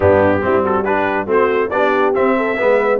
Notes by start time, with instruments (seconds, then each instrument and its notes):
0.00 tuba G2, trombone B3, horn D4, trumpet G4
0.41 tuba G3, trombone C4, horn E4
0.64 horn F#4, trumpet A4
0.84 trombone D4, horn G4, trumpet B4
1.26 tuba A3, trombone C4, horn F#4, trumpet C5
1.70 tuba B3, trombone D4, horn G4, trumpet D5
2.13 trombone C4, tuba C4, trumpet E5
2.37 horn A4
2.57 tuba G#3, trombone B3, horn B4